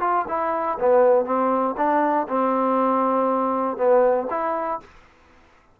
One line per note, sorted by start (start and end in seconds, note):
0.00 0.25 F4
0.28 0.78 E4
0.79 1.25 B3
1.25 1.75 C4
1.77 2.27 D4
2.28 3.77 C4
3.77 4.27 B3
4.30 4.80 E4